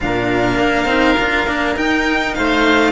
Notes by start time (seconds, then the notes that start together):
0.00 A#2 D4 A#4 F5
0.57 A#3
0.85 C4 D#4
1.18 D4 F4
1.46 A#3 D4
1.76 D#4 G5
2.34 A3 C5 F5